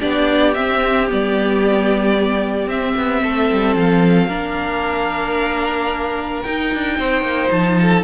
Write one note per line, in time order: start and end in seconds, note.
0.00 0.56 B3
0.00 0.54 D4
0.00 3.21 G4
0.00 0.54 D5
0.54 1.08 C4
0.54 1.10 C4
0.54 1.08 E5
1.08 2.67 G3
1.08 2.69 B3
1.08 2.69 D5
2.67 2.94 C4
2.67 4.29 C4
2.67 3.76 E5
2.97 3.23 B3
3.23 3.51 A3
3.23 4.28 A4
3.52 3.75 G3
3.75 4.29 F3
3.75 6.43 F5
4.28 6.43 A#3
4.28 6.44 D4
4.28 6.95 A#4
6.43 8.04 D#4
6.43 6.74 D#4
6.43 7.50 G5
6.74 6.99 D4
6.99 7.22 C4
6.99 7.79 C5
7.22 7.49 A#3
7.51 8.04 F3
7.51 8.04 A5
7.82 8.04 A4